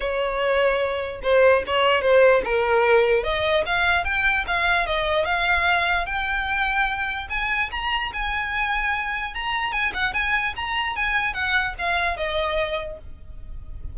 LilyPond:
\new Staff \with { instrumentName = "violin" } { \time 4/4 \tempo 4 = 148 cis''2. c''4 | cis''4 c''4 ais'2 | dis''4 f''4 g''4 f''4 | dis''4 f''2 g''4~ |
g''2 gis''4 ais''4 | gis''2. ais''4 | gis''8 fis''8 gis''4 ais''4 gis''4 | fis''4 f''4 dis''2 | }